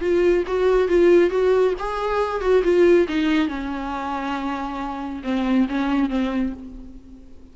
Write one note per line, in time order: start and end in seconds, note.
0.00 0.43 F4
0.47 0.88 F#4
0.88 1.30 F4
1.30 1.73 F#4
1.78 2.41 G#4
2.41 2.62 F#4
2.63 3.07 F4
3.08 3.48 D#4
3.48 5.22 C#4
5.23 5.67 C4
5.68 6.09 C#4
6.09 6.52 C4